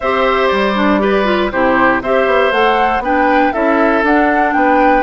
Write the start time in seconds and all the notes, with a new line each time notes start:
0.00 C4 G4 C5 E5
0.47 G3 D5
0.75 D4
1.00 G4 B4
1.25 F4
1.51 C3 E4 G4 C5
2.01 C4 G4 C5 E5
2.26 B3
2.51 A3 A4 F#5
2.99 B3 D4 B4 G5
3.52 C#4 E4 A4 E5
4.03 D4 F#5
4.53 B3 B4 G5